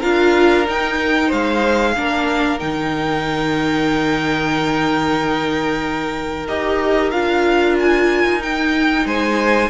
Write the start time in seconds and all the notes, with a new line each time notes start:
0.00 D4 F4 A#4 F5
0.65 D#4 G5
1.28 G#3 C5 F5
1.96 A#3 D4 A#4
2.59 D#3 D#4 G5
6.48 D#4 G4 D#5
7.11 D4 F4 F5
7.79 G#5
8.24 D#4
8.40 D#4 G5
9.05 G#3 C5 G#5